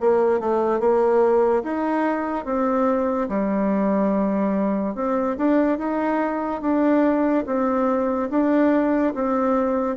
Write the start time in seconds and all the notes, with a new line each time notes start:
0.00 A#3
0.40 A3
0.80 A#3
1.63 D#4
2.45 C4
3.28 G3
4.95 C4
5.37 D4
5.78 D#4
6.61 D4
7.46 C4
8.30 D4
9.14 C4